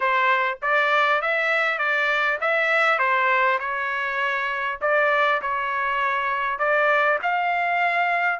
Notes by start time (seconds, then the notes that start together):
0.00 C5
0.62 D5
1.21 E5
1.78 D5
2.40 E5
2.98 C5
3.59 C#5
4.81 D5
5.41 C#5
6.58 D5
7.22 F5